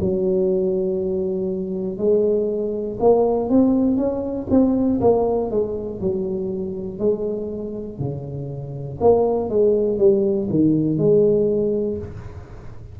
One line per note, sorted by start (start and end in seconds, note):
0.00 1.98 F#3
1.98 2.98 G#3
3.00 3.50 A#3
3.50 3.97 C4
3.97 4.47 C#4
4.50 5.00 C4
5.00 5.50 A#3
5.51 6.01 G#3
6.01 7.00 F#3
7.00 8.00 G#3
8.00 9.00 C#3
9.00 9.50 A#3
9.50 9.99 G#3
9.99 10.49 G3
10.50 10.98 D#3
10.98 11.98 G#3